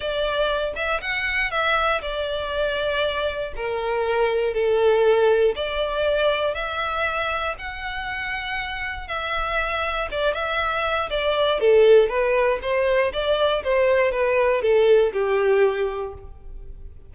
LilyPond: \new Staff \with { instrumentName = "violin" } { \time 4/4 \tempo 4 = 119 d''4. e''8 fis''4 e''4 | d''2. ais'4~ | ais'4 a'2 d''4~ | d''4 e''2 fis''4~ |
fis''2 e''2 | d''8 e''4. d''4 a'4 | b'4 c''4 d''4 c''4 | b'4 a'4 g'2 | }